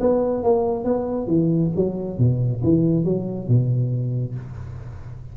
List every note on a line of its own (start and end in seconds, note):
0.00 0.43 B3
0.43 0.84 A#3
0.84 1.27 B3
1.27 1.71 E3
1.76 2.18 F#3
2.18 2.62 B2
2.63 3.04 E3
3.04 3.48 F#3
3.48 4.35 B2